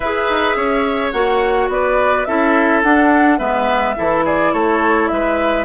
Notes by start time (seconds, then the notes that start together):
0.00 E4 G#4 B4 E5
0.29 D#4
0.55 C#4 C#5
1.11 A#3 F#4 F#5
1.68 B3 B4 D5
2.24 C#4 E4 A4 E5
2.82 D4 F#5
3.38 G#3 B3 B4 E5
3.96 E3 E4 A4
4.24 G#4 D5
4.52 A3 A4 C#5
5.08 G#3 B4 E5